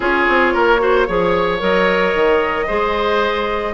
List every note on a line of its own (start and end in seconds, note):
0.00 0.26 C#4
0.00 0.79 F4
0.00 0.53 G#4
0.00 1.62 C#5
0.29 0.54 C4
0.53 1.08 A#3
0.53 0.80 A#4
0.79 1.05 F#4
0.79 1.07 C5
1.07 1.61 F3
1.07 1.58 G#4
1.07 2.66 C#5
1.58 2.14 F#3
1.58 2.66 A#4
1.58 3.74 D#5
2.14 2.68 D#3
2.66 3.74 G#3
2.66 3.74 G#4
2.66 3.73 C5